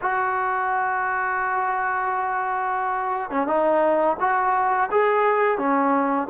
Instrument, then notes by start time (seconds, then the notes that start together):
trombone
0.01 F#4
3.30 C#4
3.47 D#4
4.20 F#4
4.91 G#4
5.58 C#4